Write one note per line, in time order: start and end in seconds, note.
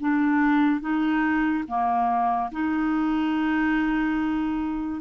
0.00 0.81 D4
0.81 1.64 D#4
1.68 2.51 A#3
2.52 5.02 D#4